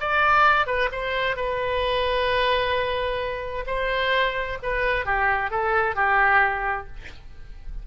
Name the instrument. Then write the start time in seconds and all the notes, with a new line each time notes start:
oboe
0.00 D5
0.66 B4
0.91 C5
1.36 B4
3.66 C5
4.62 B4
5.05 G4
5.50 A4
5.95 G4